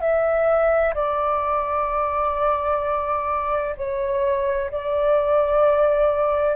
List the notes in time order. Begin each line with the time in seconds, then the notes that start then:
0.00 E5
0.94 D5
3.77 C#5
4.70 D5